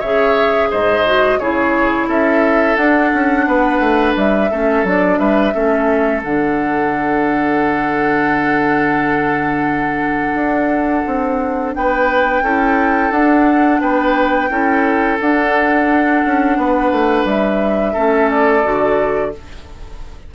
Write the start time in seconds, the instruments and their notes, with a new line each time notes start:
0.00 bassoon C#3, clarinet G#4, oboe C#5, flute E5
0.71 bassoon G#2, oboe C5, flute D#5
1.06 clarinet F#4
1.39 bassoon C#3, clarinet E4, oboe G#4, flute C#5
2.08 bassoon C#4, oboe A4, flute E5
2.77 bassoon D4, clarinet D4, flute F#5
3.14 bassoon C#4
3.47 bassoon B3, oboe B4
3.80 bassoon A3
4.16 bassoon G3, flute E5
4.51 bassoon A3, clarinet C#4, oboe A4
4.84 bassoon F#3, clarinet D4, flute D5
5.19 bassoon G3, oboe B4, flute E5
5.53 bassoon A3, clarinet C#4, oboe A4
6.24 bassoon D3, clarinet D4, flute F#5
10.35 bassoon D4
11.07 bassoon C4
11.75 bassoon B3, oboe B4, flute G5
12.43 bassoon C#4, clarinet E4, oboe A4
13.11 bassoon D4, clarinet D4, flute F#5
13.81 bassoon B3, oboe B4, flute G5
14.50 bassoon C#4, clarinet E4, oboe A4
15.21 bassoon D4, clarinet D4, flute F#5
16.26 bassoon C#4
16.57 bassoon B3, oboe B4
16.92 bassoon A3
17.25 bassoon G3, flute E5
17.93 bassoon A3, clarinet C#4, oboe A4
18.31 flute D5
18.64 bassoon D3, clarinet F#4